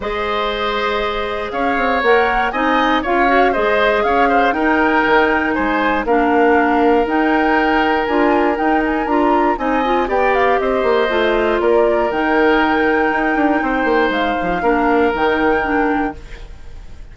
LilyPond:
<<
  \new Staff \with { instrumentName = "flute" } { \time 4/4 \tempo 4 = 119 dis''2. f''4 | fis''4 gis''4 f''4 dis''4 | f''4 g''2 gis''4 | f''2 g''2 |
gis''4 g''8 gis''8 ais''4 gis''4 | g''8 f''8 dis''2 d''4 | g''1 | f''2 g''2 | }
  \new Staff \with { instrumentName = "oboe" } { \time 4/4 c''2. cis''4~ | cis''4 dis''4 cis''4 c''4 | cis''8 c''8 ais'2 c''4 | ais'1~ |
ais'2. dis''4 | d''4 c''2 ais'4~ | ais'2. c''4~ | c''4 ais'2. | }
  \new Staff \with { instrumentName = "clarinet" } { \time 4/4 gis'1 | ais'4 dis'4 f'8 fis'8 gis'4~ | gis'4 dis'2. | d'2 dis'2 |
f'4 dis'4 f'4 dis'8 f'8 | g'2 f'2 | dis'1~ | dis'4 d'4 dis'4 d'4 | }
  \new Staff \with { instrumentName = "bassoon" } { \time 4/4 gis2. cis'8 c'8 | ais4 c'4 cis'4 gis4 | cis'4 dis'4 dis4 gis4 | ais2 dis'2 |
d'4 dis'4 d'4 c'4 | b4 c'8 ais8 a4 ais4 | dis2 dis'8 d'8 c'8 ais8 | gis8 f8 ais4 dis2 | }
>>